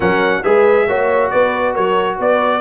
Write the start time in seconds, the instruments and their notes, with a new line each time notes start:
0.00 tuba F#3, trombone C#4, horn A#4, trumpet F#5
0.43 tuba G#3, trombone G#4, horn B4, trumpet E5
0.87 tuba A#3, trombone F#4, horn C#5
1.30 tuba B3, horn B4, trumpet D5
1.73 tuba F#3, horn A#4, trumpet C#5
2.19 tuba B3, horn B4, trumpet D5